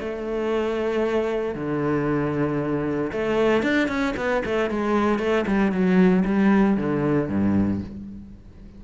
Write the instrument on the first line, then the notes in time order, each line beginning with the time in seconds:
cello
0.00 A3
1.55 D3
3.13 A3
3.63 D4
3.89 C#4
4.17 B3
4.46 A3
4.71 G#3
5.19 A3
5.47 G3
5.72 F#3
6.26 G3
6.78 D3
7.29 G2